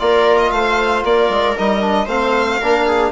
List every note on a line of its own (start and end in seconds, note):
0.00 0.52 A#3
0.00 1.57 F4
0.00 0.54 A#4
0.00 0.38 D5
0.38 0.51 D#5
0.51 1.04 A3
0.51 1.05 C5
0.51 1.03 F5
1.04 1.30 A#3
1.04 2.06 A#4
1.04 1.58 D5
1.30 1.56 G#3
1.58 2.07 G3
1.58 1.81 D#4
1.58 2.08 D#5
1.81 2.07 D4
2.06 2.59 A3
2.06 2.62 C4
2.06 2.58 C5
2.06 3.12 F5
2.61 3.12 A#3
2.61 3.12 D4
2.61 2.86 A#4
2.86 3.12 G#4